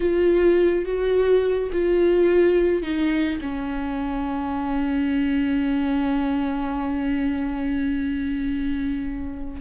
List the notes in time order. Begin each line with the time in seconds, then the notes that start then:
0.00 F4
0.85 F#4
1.72 F4
2.82 D#4
3.41 C#4